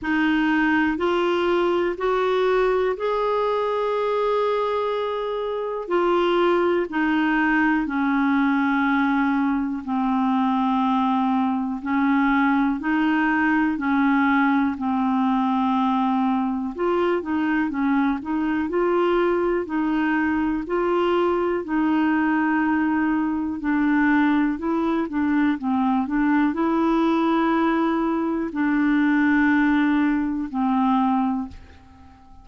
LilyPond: \new Staff \with { instrumentName = "clarinet" } { \time 4/4 \tempo 4 = 61 dis'4 f'4 fis'4 gis'4~ | gis'2 f'4 dis'4 | cis'2 c'2 | cis'4 dis'4 cis'4 c'4~ |
c'4 f'8 dis'8 cis'8 dis'8 f'4 | dis'4 f'4 dis'2 | d'4 e'8 d'8 c'8 d'8 e'4~ | e'4 d'2 c'4 | }